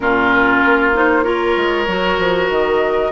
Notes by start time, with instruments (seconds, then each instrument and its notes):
0.00 bassoon A#2, clarinet C#4, oboe F4, flute A#4
0.65 bassoon A#3
0.94 clarinet D#4, flute C5
1.23 clarinet F4, oboe A#4, flute C#5
1.56 bassoon G#3
1.87 bassoon F#3, clarinet F#4
2.18 bassoon F3
2.49 bassoon D#3, flute D#5